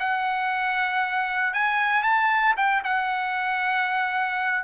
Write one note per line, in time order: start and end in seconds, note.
0.00 1.54 F#5
1.54 2.03 G#5
2.03 2.55 A5
2.57 2.83 G5
2.84 4.64 F#5